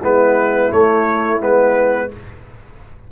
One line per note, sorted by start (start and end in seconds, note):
0.00 0.71 G#3
0.00 0.71 B3
0.00 2.07 E4
0.00 0.72 B4
0.71 1.39 A3
0.71 1.41 A3
0.71 1.41 C#5
1.39 2.10 G#3
1.39 2.08 B3
1.39 2.11 B4